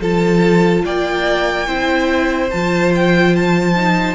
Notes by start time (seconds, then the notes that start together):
0.00 F3 F4 A4 A5
0.85 A#3 D5 G5
1.67 C4 E4 C5
2.50 F3 F4 A5
2.95 G5
3.36 A5
3.76 D#4